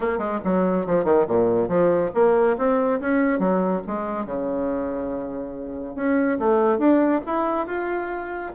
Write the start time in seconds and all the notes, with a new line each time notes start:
0.00 A#3
0.18 G#3
0.44 F#3
0.86 F3
1.04 D#3
1.27 A#2
1.68 F3
2.14 A#3
2.57 C4
3.00 C#4
3.39 F#3
3.86 G#3
4.25 C#3
5.95 C#4
6.38 A3
6.78 D4
7.26 E4
7.67 F4